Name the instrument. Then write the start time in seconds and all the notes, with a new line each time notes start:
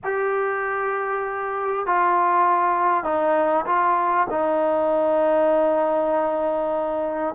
trombone
0.03 G4
1.86 F4
3.03 D#4
3.66 F4
4.30 D#4